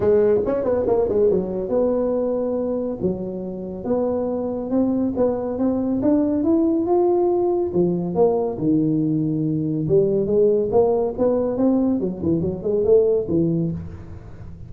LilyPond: \new Staff \with { instrumentName = "tuba" } { \time 4/4 \tempo 4 = 140 gis4 cis'8 b8 ais8 gis8 fis4 | b2. fis4~ | fis4 b2 c'4 | b4 c'4 d'4 e'4 |
f'2 f4 ais4 | dis2. g4 | gis4 ais4 b4 c'4 | fis8 e8 fis8 gis8 a4 e4 | }